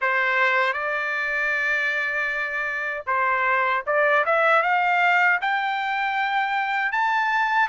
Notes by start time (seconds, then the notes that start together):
0.01 C5
0.73 D5
3.06 C5
3.86 D5
4.25 E5
4.62 F5
5.41 G5
6.92 A5